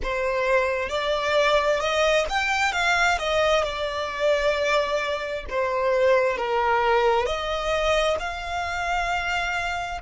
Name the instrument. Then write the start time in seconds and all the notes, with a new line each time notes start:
violin
0.02 C5
0.88 D5
1.80 D#5
2.29 G5
2.72 F5
3.18 D#5
3.63 D5
5.49 C5
6.37 A#4
7.26 D#5
8.19 F5